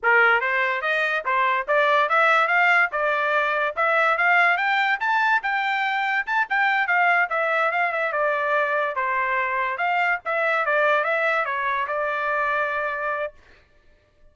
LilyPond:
\new Staff \with { instrumentName = "trumpet" } { \time 4/4 \tempo 4 = 144 ais'4 c''4 dis''4 c''4 | d''4 e''4 f''4 d''4~ | d''4 e''4 f''4 g''4 | a''4 g''2 a''8 g''8~ |
g''8 f''4 e''4 f''8 e''8 d''8~ | d''4. c''2 f''8~ | f''8 e''4 d''4 e''4 cis''8~ | cis''8 d''2.~ d''8 | }